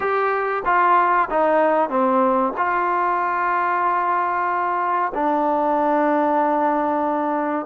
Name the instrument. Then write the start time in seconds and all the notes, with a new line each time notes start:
trombone
0.00 G4
0.65 F4
1.30 D#4
1.89 C4
2.57 F4
5.14 D4